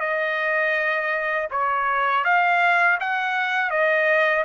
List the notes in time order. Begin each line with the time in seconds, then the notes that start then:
0.00 D#5
1.51 C#5
2.25 F5
3.00 F#5
3.70 D#5